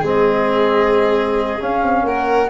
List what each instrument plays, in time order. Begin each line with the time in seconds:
0.00 tuba G#3, trombone C4, violin G#4
0.07 flute D#5
1.60 trombone C#4, tuba C#4, flute F5
1.83 tuba C4
2.03 tuba A#3, violin A#4, flute F#5